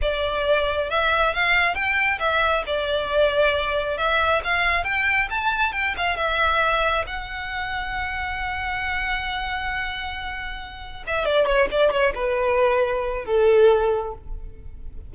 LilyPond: \new Staff \with { instrumentName = "violin" } { \time 4/4 \tempo 4 = 136 d''2 e''4 f''4 | g''4 e''4 d''2~ | d''4 e''4 f''4 g''4 | a''4 g''8 f''8 e''2 |
fis''1~ | fis''1~ | fis''4 e''8 d''8 cis''8 d''8 cis''8 b'8~ | b'2 a'2 | }